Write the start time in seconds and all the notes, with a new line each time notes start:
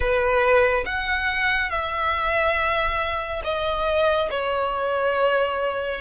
0.00 B4
0.85 F#5
1.69 E5
3.44 D#5
4.30 C#5